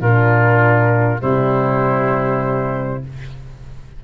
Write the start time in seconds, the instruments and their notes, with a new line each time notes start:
0.00 tuba A#2, horn D4, oboe F4, flute A#4
1.20 tuba C3, horn G3, oboe E4, flute C5